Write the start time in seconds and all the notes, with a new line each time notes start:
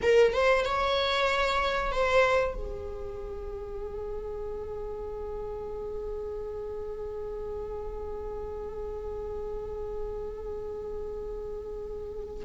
0.02 A#4
0.33 C5
0.65 C#5
1.92 C5
2.54 G#4